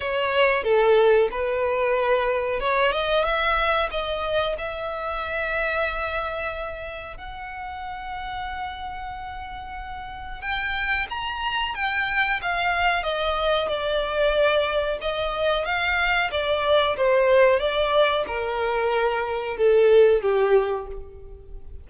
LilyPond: \new Staff \with { instrumentName = "violin" } { \time 4/4 \tempo 4 = 92 cis''4 a'4 b'2 | cis''8 dis''8 e''4 dis''4 e''4~ | e''2. fis''4~ | fis''1 |
g''4 ais''4 g''4 f''4 | dis''4 d''2 dis''4 | f''4 d''4 c''4 d''4 | ais'2 a'4 g'4 | }